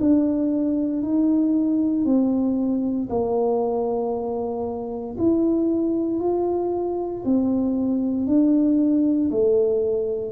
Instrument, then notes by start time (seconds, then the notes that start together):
tuba
0.00 D4
1.02 D#4
2.05 C4
3.09 A#3
5.18 E4
6.20 F4
7.24 C4
8.26 D4
9.30 A3